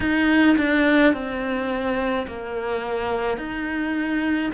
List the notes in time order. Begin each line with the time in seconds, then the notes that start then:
0.00 D#4
0.57 D4
1.13 C4
2.27 A#3
3.37 D#4